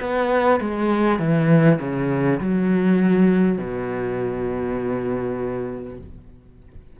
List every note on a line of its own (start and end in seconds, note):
0.00 0.60 B3
0.60 1.19 G#3
1.19 1.79 E3
1.79 2.39 C#3
2.41 3.58 F#3
3.58 5.98 B2